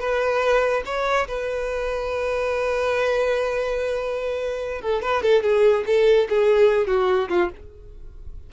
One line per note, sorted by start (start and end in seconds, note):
0.00 0.83 B4
0.86 1.27 C#5
1.28 4.82 B4
4.82 5.02 A4
5.02 5.23 B4
5.23 5.43 A4
5.43 5.85 G#4
5.87 6.28 A4
6.29 6.87 G#4
6.87 7.29 F#4
7.30 7.51 F4